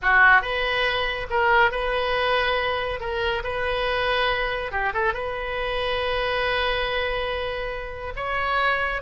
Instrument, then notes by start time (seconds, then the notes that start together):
oboe
0.02 F#4
0.41 B4
1.30 A#4
1.71 B4
3.00 A#4
3.43 B4
4.71 G4
4.93 A4
5.13 B4
8.15 C#5